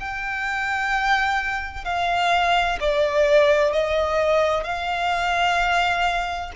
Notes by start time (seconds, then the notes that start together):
0.00 G5
1.85 F5
2.80 D5
3.73 D#5
4.64 F5